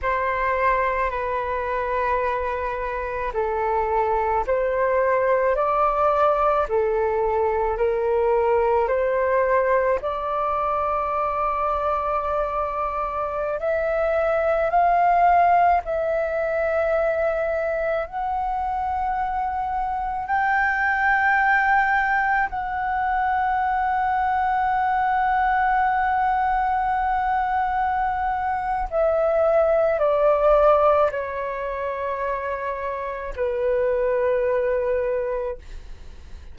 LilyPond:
\new Staff \with { instrumentName = "flute" } { \time 4/4 \tempo 4 = 54 c''4 b'2 a'4 | c''4 d''4 a'4 ais'4 | c''4 d''2.~ | d''16 e''4 f''4 e''4.~ e''16~ |
e''16 fis''2 g''4.~ g''16~ | g''16 fis''2.~ fis''8.~ | fis''2 e''4 d''4 | cis''2 b'2 | }